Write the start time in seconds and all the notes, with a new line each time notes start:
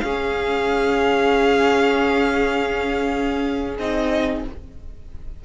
0.00 C#4 G#4 F5
0.07 C#4
3.79 C4 D#4 D#5